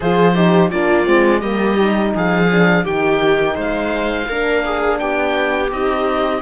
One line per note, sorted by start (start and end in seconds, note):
0.00 0.72 F3
0.00 0.35 F4
0.00 0.35 G#4
0.00 0.70 C5
0.35 0.70 D#4
0.35 0.70 G4
0.70 1.07 A#3
0.70 1.04 D4
0.70 1.40 F4
0.70 1.40 D5
1.04 1.42 G#3
1.04 1.40 C4
1.40 2.13 G3
1.40 1.76 A#3
1.40 2.11 G4
1.40 2.12 D#5
1.76 2.47 D#4
2.14 2.85 F3
2.14 2.84 G#4
2.14 2.85 F5
2.51 2.85 D4
2.84 3.56 D#3
2.84 4.28 D#4
2.84 3.54 G4
2.84 3.57 G5
3.54 4.28 G#3
3.54 4.26 C5
3.54 4.99 F5
4.28 5.00 A#3
4.28 5.71 D4
4.28 4.64 A#4
4.64 5.00 G#4
4.99 5.71 B3
4.99 6.42 G4
4.99 5.70 G5
5.71 6.42 C4
5.71 6.42 D#4
5.71 6.42 D#5